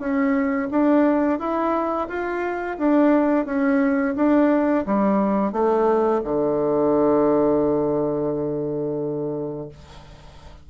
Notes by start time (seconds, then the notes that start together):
0.00 C#4
0.71 D4
1.39 E4
2.09 F4
2.78 D4
3.46 C#4
4.16 D4
4.86 G3
5.53 A3
6.24 D3